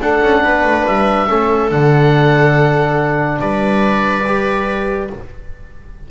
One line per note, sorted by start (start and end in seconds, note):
0.00 0.21 D4
0.00 1.28 D4
0.00 0.44 A4
0.00 0.87 F#5
0.23 0.44 C#4
0.44 0.63 B3
0.44 1.27 B4
0.63 0.84 A3
0.87 1.29 G3
0.87 1.71 E5
1.27 1.71 A3
1.27 1.71 C#4
1.27 3.38 A4
1.71 3.40 D3
1.71 4.24 D4
1.71 3.40 F#5
3.40 5.10 G3
3.40 5.09 B4
3.40 5.10 D5
4.26 5.11 G4